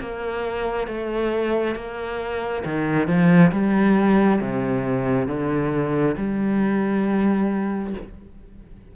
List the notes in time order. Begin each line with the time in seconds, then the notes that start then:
0.00 A#3
0.87 A3
1.75 A#3
2.65 D#3
3.08 F3
3.52 G3
4.41 C3
5.27 D3
6.17 G3